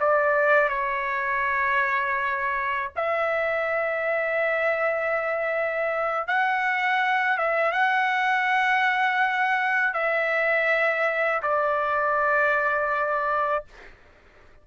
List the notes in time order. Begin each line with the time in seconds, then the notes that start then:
0.00 D5
0.69 C#5
2.96 E5
6.28 F#5
7.37 E5
7.72 F#5
9.93 E5
11.42 D5